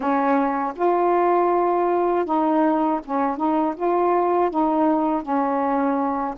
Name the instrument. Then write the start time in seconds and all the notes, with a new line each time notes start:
saxophone
0.00 C#4
0.75 F4
2.25 D#4
3.04 C#4
3.36 D#4
3.76 F4
4.50 D#4
5.22 C#4